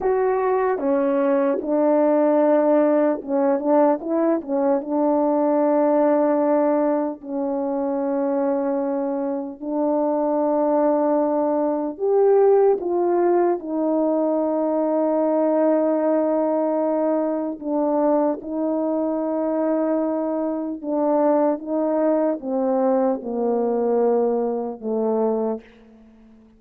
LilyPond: \new Staff \with { instrumentName = "horn" } { \time 4/4 \tempo 4 = 75 fis'4 cis'4 d'2 | cis'8 d'8 e'8 cis'8 d'2~ | d'4 cis'2. | d'2. g'4 |
f'4 dis'2.~ | dis'2 d'4 dis'4~ | dis'2 d'4 dis'4 | c'4 ais2 a4 | }